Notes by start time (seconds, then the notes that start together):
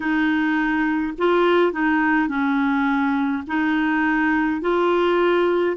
0.00 D#4
1.17 F4
1.72 D#4
2.28 C#4
3.47 D#4
4.61 F4